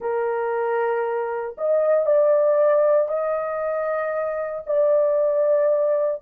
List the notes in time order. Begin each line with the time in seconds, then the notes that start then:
0.00 A#4
1.57 D#5
2.05 D5
3.08 D#5
4.66 D5